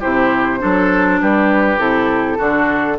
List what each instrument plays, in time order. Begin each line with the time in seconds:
0.00 bassoon C3, clarinet E4, oboe G4, flute C5
0.59 bassoon F#3, clarinet D4, oboe A4
1.21 bassoon G3, oboe G4, flute B4
1.78 bassoon C3, clarinet E4, flute A4
2.38 bassoon D3, clarinet D4, oboe F#4